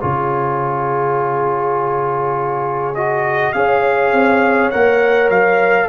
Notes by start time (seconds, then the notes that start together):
0.00 C#3 F4 G#4 C#5
2.94 F#4 D#5
3.52 C#4 G#4 C#5 F5
4.12 C4
4.70 A#3 A#4 F#5
5.29 F#3 F5